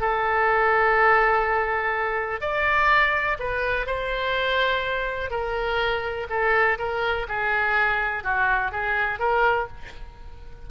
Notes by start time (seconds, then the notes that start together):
0.00 A4
2.40 D5
3.39 B4
3.86 C5
5.30 A#4
6.29 A4
6.78 A#4
7.28 G#4
8.23 F#4
8.71 G#4
9.19 A#4